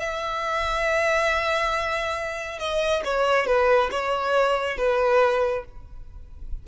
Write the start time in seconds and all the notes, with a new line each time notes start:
0.00 E5
2.59 D#5
3.04 C#5
3.46 B4
3.91 C#5
4.77 B4